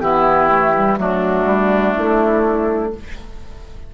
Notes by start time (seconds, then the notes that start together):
0.00 E3 B3 E4 G4
0.49 A3
0.75 G3
0.97 F#3 A3 D4 F#4
1.45 G3
1.96 A3 E4